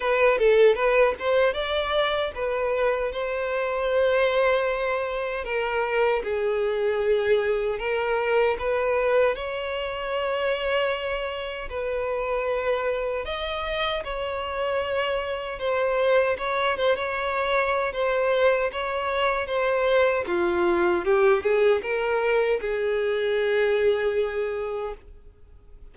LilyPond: \new Staff \with { instrumentName = "violin" } { \time 4/4 \tempo 4 = 77 b'8 a'8 b'8 c''8 d''4 b'4 | c''2. ais'4 | gis'2 ais'4 b'4 | cis''2. b'4~ |
b'4 dis''4 cis''2 | c''4 cis''8 c''16 cis''4~ cis''16 c''4 | cis''4 c''4 f'4 g'8 gis'8 | ais'4 gis'2. | }